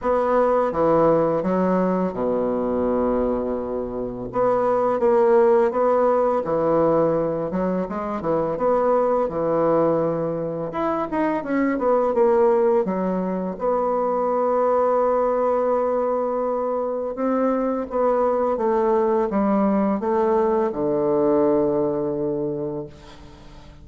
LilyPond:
\new Staff \with { instrumentName = "bassoon" } { \time 4/4 \tempo 4 = 84 b4 e4 fis4 b,4~ | b,2 b4 ais4 | b4 e4. fis8 gis8 e8 | b4 e2 e'8 dis'8 |
cis'8 b8 ais4 fis4 b4~ | b1 | c'4 b4 a4 g4 | a4 d2. | }